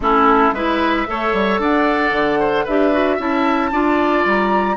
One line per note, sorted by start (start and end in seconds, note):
0.00 0.50 A3
0.00 0.54 C#4
0.00 0.54 E4
0.00 0.54 A4
0.52 1.05 G#3
0.52 1.06 E4
0.52 1.07 B4
0.52 1.60 E5
1.06 1.33 A3
1.06 2.65 A4
1.06 1.60 C#5
1.33 1.59 G3
1.59 2.12 D4
1.59 2.39 D5
1.59 2.66 F#5
2.12 2.65 D3
2.39 2.64 C5
2.64 3.18 D4
2.64 2.92 G4
2.64 3.16 B4
2.64 3.19 E5
2.92 3.18 F#4
3.16 3.71 C#4
3.16 3.72 E4
3.16 3.69 E5
3.16 4.26 A5
3.71 4.25 D4
3.71 4.76 F4
3.71 4.76 D5
4.25 4.76 G3
4.25 4.76 A#5